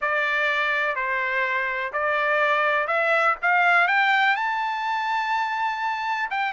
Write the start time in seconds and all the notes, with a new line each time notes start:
0.01 D5
0.95 C5
1.92 D5
2.87 E5
3.42 F5
3.87 G5
4.36 A5
6.30 G5